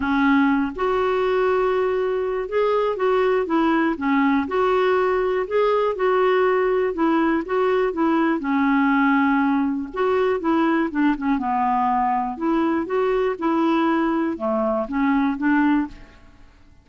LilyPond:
\new Staff \with { instrumentName = "clarinet" } { \time 4/4 \tempo 4 = 121 cis'4. fis'2~ fis'8~ | fis'4 gis'4 fis'4 e'4 | cis'4 fis'2 gis'4 | fis'2 e'4 fis'4 |
e'4 cis'2. | fis'4 e'4 d'8 cis'8 b4~ | b4 e'4 fis'4 e'4~ | e'4 a4 cis'4 d'4 | }